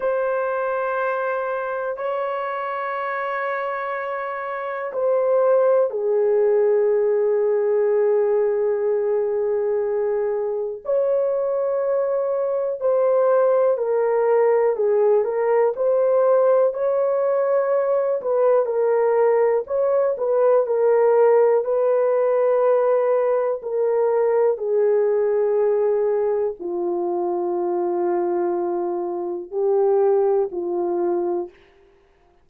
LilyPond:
\new Staff \with { instrumentName = "horn" } { \time 4/4 \tempo 4 = 61 c''2 cis''2~ | cis''4 c''4 gis'2~ | gis'2. cis''4~ | cis''4 c''4 ais'4 gis'8 ais'8 |
c''4 cis''4. b'8 ais'4 | cis''8 b'8 ais'4 b'2 | ais'4 gis'2 f'4~ | f'2 g'4 f'4 | }